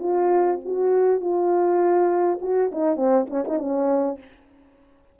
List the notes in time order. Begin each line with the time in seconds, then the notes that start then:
0.00 F4
0.65 F#4
1.21 F4
2.42 F#4
2.72 D#4
2.97 C4
3.30 C#4
3.48 D#4
3.59 C#4